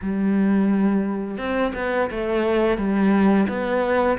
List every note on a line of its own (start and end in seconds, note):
0.02 1.37 G3
1.37 1.72 C4
1.74 2.09 B3
2.10 2.77 A3
2.77 3.47 G3
3.48 4.18 B3